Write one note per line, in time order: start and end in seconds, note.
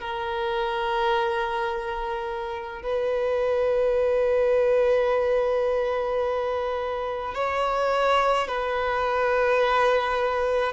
0.00 2.83 A#4
2.83 7.35 B4
7.35 8.48 C#5
8.48 10.73 B4